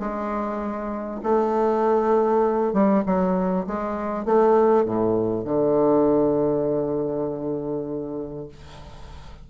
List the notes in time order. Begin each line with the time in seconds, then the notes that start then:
0.00 G#3
1.24 A3
2.74 G3
3.06 F#3
3.67 G#3
4.26 A3
4.85 A2
5.45 D3